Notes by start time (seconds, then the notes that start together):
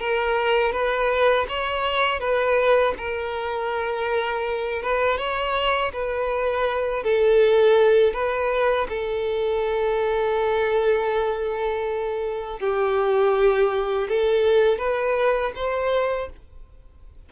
0.00 A#4
0.72 B4
1.48 C#5
2.20 B4
2.97 A#4
4.82 B4
5.18 C#5
5.93 B4
7.03 A4
8.13 B4
8.89 A4
12.60 G4
14.09 A4
14.78 B4
15.56 C5